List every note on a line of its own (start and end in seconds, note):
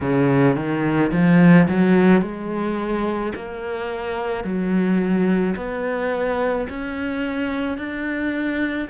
0.01 0.55 C#3
0.55 1.11 D#3
1.12 1.67 F3
1.68 2.21 F#3
2.21 3.32 G#3
3.35 4.43 A#3
4.43 5.55 F#3
5.56 6.67 B3
6.69 7.77 C#4
7.77 8.88 D4